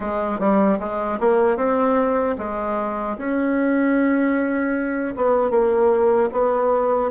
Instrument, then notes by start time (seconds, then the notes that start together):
bassoon
0.00 G#3
0.39 G3
0.79 G#3
1.19 A#3
1.56 C4
2.38 G#3
3.17 C#4
5.16 B3
5.50 A#3
6.32 B3